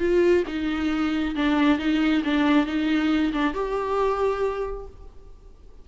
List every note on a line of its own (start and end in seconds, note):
0.00 0.44 F4
0.48 1.36 D#4
1.36 1.79 D4
1.79 2.23 D#4
2.25 2.67 D4
2.67 3.33 D#4
3.33 3.54 D4
3.54 4.87 G4